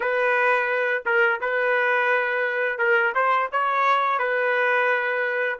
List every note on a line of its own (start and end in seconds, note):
0.00 1.03 B4
1.05 1.40 A#4
1.40 2.78 B4
2.78 3.13 A#4
3.14 3.49 C5
3.51 4.18 C#5
4.18 5.58 B4